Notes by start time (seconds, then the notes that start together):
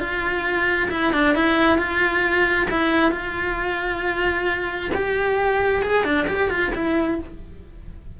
0.00 F4
0.91 E4
1.13 D4
1.35 E4
1.78 F4
2.71 E4
3.12 F4
4.95 G4
5.82 G#4
6.04 D4
6.28 G4
6.50 F4
6.75 E4